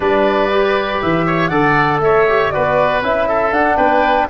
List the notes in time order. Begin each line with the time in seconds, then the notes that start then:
0.00 G3 D4 B4 D5
0.51 G4
1.01 E3 E5
1.26 C#5
1.47 D3 A4 D5 F#5
1.99 A3 C#5 E5
2.28 G4
2.50 B3 F#4 B4 D5
3.02 C#4 E4 E5
3.28 A4
3.51 D4 F#5
3.76 B3 B4 G5